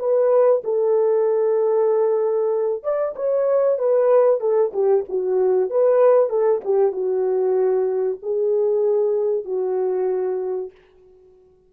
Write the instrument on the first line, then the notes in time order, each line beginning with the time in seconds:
horn
0.00 B4
0.64 A4
2.84 D5
3.16 C#5
3.79 B4
4.41 A4
4.74 G4
5.09 F#4
5.70 B4
6.30 A4
6.65 G4
6.93 F#4
8.23 G#4
9.45 F#4